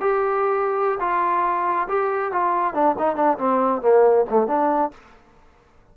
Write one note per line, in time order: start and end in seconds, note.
0.00 0.99 G4
1.00 1.87 F4
1.88 2.32 G4
2.32 2.74 F4
2.74 2.95 D4
2.98 3.15 D#4
3.15 3.37 D4
3.37 3.81 C4
3.81 4.25 A#3
4.30 4.47 A3
4.47 4.91 D4